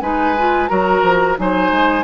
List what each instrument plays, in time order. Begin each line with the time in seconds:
0.00 bassoon G#3, clarinet D#4, oboe B4, flute G#5
0.38 clarinet F4
0.68 bassoon F#3, clarinet F#4, oboe A#4, flute A#5
1.03 bassoon F3
1.37 bassoon F#3, clarinet D#4, oboe C5, flute G#5
1.71 bassoon G#3